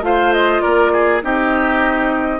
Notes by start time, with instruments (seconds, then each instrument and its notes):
0.00 bassoon A3, clarinet F4, oboe C5, flute F5
0.33 flute D#5
0.60 bassoon A#3, oboe A#4, flute D5
0.92 oboe G#4
1.21 bassoon C4, clarinet D#4, oboe G4, flute D#5